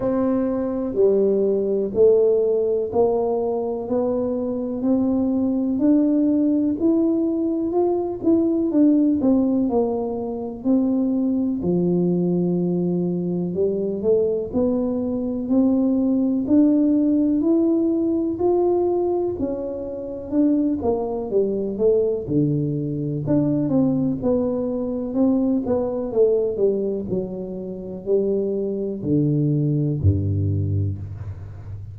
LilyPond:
\new Staff \with { instrumentName = "tuba" } { \time 4/4 \tempo 4 = 62 c'4 g4 a4 ais4 | b4 c'4 d'4 e'4 | f'8 e'8 d'8 c'8 ais4 c'4 | f2 g8 a8 b4 |
c'4 d'4 e'4 f'4 | cis'4 d'8 ais8 g8 a8 d4 | d'8 c'8 b4 c'8 b8 a8 g8 | fis4 g4 d4 g,4 | }